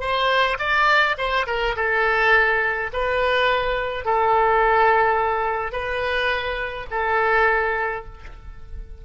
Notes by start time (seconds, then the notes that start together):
0.00 C5
0.59 D5
1.17 C5
1.46 A#4
1.76 A4
2.93 B4
4.05 A4
5.72 B4
6.90 A4